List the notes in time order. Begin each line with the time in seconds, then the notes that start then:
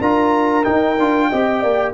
0.00 D4 F4 A#4 A#5
0.64 D#4 G5
0.98 D4 F4
1.29 C4 G4 D#5
1.60 A#3 D5